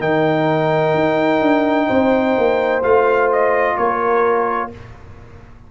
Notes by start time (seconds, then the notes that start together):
0.00 D#3 D#4 A#4 G5
0.94 D#4
1.41 D4
1.87 C4 C5
2.38 A#3
2.83 A3 F4 F5
3.33 D#5
3.77 A#3 A#4 C#5